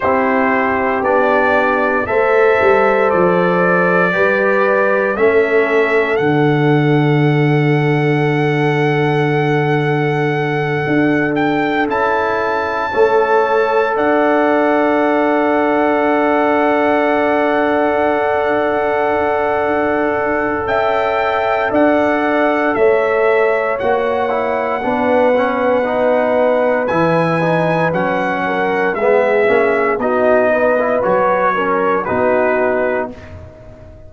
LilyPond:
<<
  \new Staff \with { instrumentName = "trumpet" } { \time 4/4 \tempo 4 = 58 c''4 d''4 e''4 d''4~ | d''4 e''4 fis''2~ | fis''2. g''8 a''8~ | a''4. fis''2~ fis''8~ |
fis''1 | g''4 fis''4 e''4 fis''4~ | fis''2 gis''4 fis''4 | e''4 dis''4 cis''4 b'4 | }
  \new Staff \with { instrumentName = "horn" } { \time 4/4 g'2 c''2 | b'4 a'2.~ | a'1~ | a'8 cis''4 d''2~ d''8~ |
d''1 | e''4 d''4 cis''2 | b'2.~ b'8 ais'8 | gis'4 fis'8 b'4 ais'8 fis'4 | }
  \new Staff \with { instrumentName = "trombone" } { \time 4/4 e'4 d'4 a'2 | g'4 cis'4 d'2~ | d'2.~ d'8 e'8~ | e'8 a'2.~ a'8~ |
a'1~ | a'2. fis'8 e'8 | d'8 cis'8 dis'4 e'8 dis'8 cis'4 | b8 cis'8 dis'8. e'16 fis'8 cis'8 dis'4 | }
  \new Staff \with { instrumentName = "tuba" } { \time 4/4 c'4 b4 a8 g8 f4 | g4 a4 d2~ | d2~ d8 d'4 cis'8~ | cis'8 a4 d'2~ d'8~ |
d'1 | cis'4 d'4 a4 ais4 | b2 e4 fis4 | gis8 ais8 b4 fis4 b4 | }
>>